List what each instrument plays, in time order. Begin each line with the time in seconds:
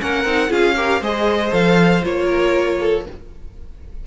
0.00 cello A#3, viola C#4, violin A#4 F#5
0.24 cello C4, viola D#4
0.49 cello C#4, viola F4, violin G#4 F5
0.76 viola G4, violin A#4
1.01 cello G#3, viola G#4, violin C5 D#5
1.51 cello F3, viola A4, violin F5
2.02 cello A#3, viola F4, violin C#5
2.25 violin A#4
2.80 violin A4